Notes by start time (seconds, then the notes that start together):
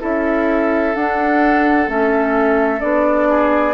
0.00 C#4 E4 A4 E5
0.95 D4 F#5
1.88 A3 C#4 E5
2.80 B3 D4 D5
3.29 G#4